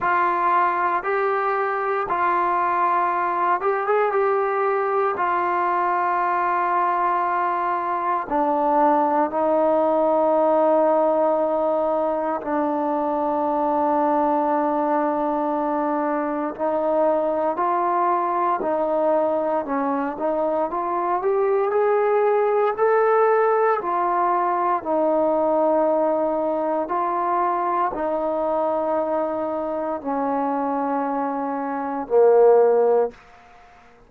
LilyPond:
\new Staff \with { instrumentName = "trombone" } { \time 4/4 \tempo 4 = 58 f'4 g'4 f'4. g'16 gis'16 | g'4 f'2. | d'4 dis'2. | d'1 |
dis'4 f'4 dis'4 cis'8 dis'8 | f'8 g'8 gis'4 a'4 f'4 | dis'2 f'4 dis'4~ | dis'4 cis'2 ais4 | }